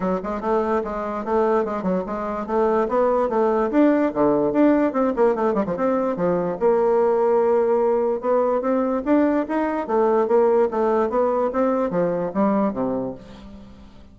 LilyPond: \new Staff \with { instrumentName = "bassoon" } { \time 4/4 \tempo 4 = 146 fis8 gis8 a4 gis4 a4 | gis8 fis8 gis4 a4 b4 | a4 d'4 d4 d'4 | c'8 ais8 a8 g16 f16 c'4 f4 |
ais1 | b4 c'4 d'4 dis'4 | a4 ais4 a4 b4 | c'4 f4 g4 c4 | }